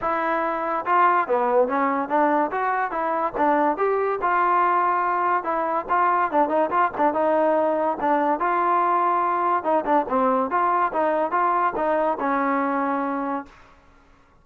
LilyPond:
\new Staff \with { instrumentName = "trombone" } { \time 4/4 \tempo 4 = 143 e'2 f'4 b4 | cis'4 d'4 fis'4 e'4 | d'4 g'4 f'2~ | f'4 e'4 f'4 d'8 dis'8 |
f'8 d'8 dis'2 d'4 | f'2. dis'8 d'8 | c'4 f'4 dis'4 f'4 | dis'4 cis'2. | }